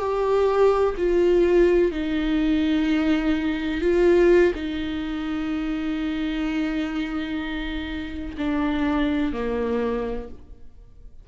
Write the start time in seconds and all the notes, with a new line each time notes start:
0.00 G4
0.98 F4
1.92 D#4
3.81 F4
4.55 D#4
8.38 D4
9.33 A#3